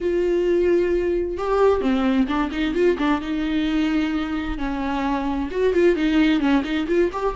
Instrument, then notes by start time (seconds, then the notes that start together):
viola
0.01 F4
1.37 G4
1.81 C4
2.27 D4
2.51 D#4
2.74 F4
2.98 D4
3.21 D#4
4.58 C#4
5.51 F#4
5.73 F4
5.95 D#4
6.40 C#4
6.63 D#4
6.87 F4
7.12 G4